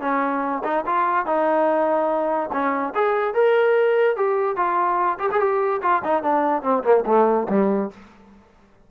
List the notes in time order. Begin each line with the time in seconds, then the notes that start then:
0.00 C#4
0.64 D#4
0.86 F4
1.25 D#4
2.52 C#4
2.94 G#4
3.34 A#4
4.16 G4
4.56 F4
5.19 G4
5.31 G#4
5.39 G4
5.81 F4
6.03 D#4
6.23 D4
6.62 C4
6.83 A#3
7.06 A3
7.49 G3